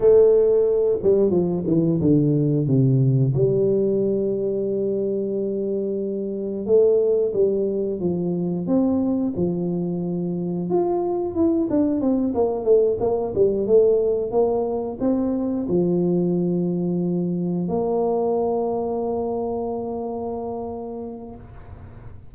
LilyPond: \new Staff \with { instrumentName = "tuba" } { \time 4/4 \tempo 4 = 90 a4. g8 f8 e8 d4 | c4 g2.~ | g2 a4 g4 | f4 c'4 f2 |
f'4 e'8 d'8 c'8 ais8 a8 ais8 | g8 a4 ais4 c'4 f8~ | f2~ f8 ais4.~ | ais1 | }